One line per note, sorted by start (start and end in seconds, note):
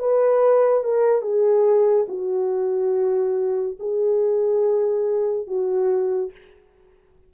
0.00 0.84 B4
0.84 1.22 A#4
1.22 2.07 G#4
2.09 3.78 F#4
3.80 5.47 G#4
5.47 6.32 F#4